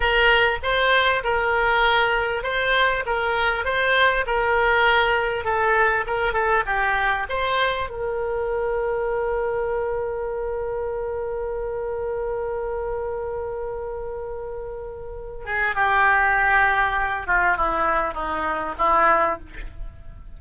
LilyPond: \new Staff \with { instrumentName = "oboe" } { \time 4/4 \tempo 4 = 99 ais'4 c''4 ais'2 | c''4 ais'4 c''4 ais'4~ | ais'4 a'4 ais'8 a'8 g'4 | c''4 ais'2.~ |
ais'1~ | ais'1~ | ais'4. gis'8 g'2~ | g'8 f'8 e'4 dis'4 e'4 | }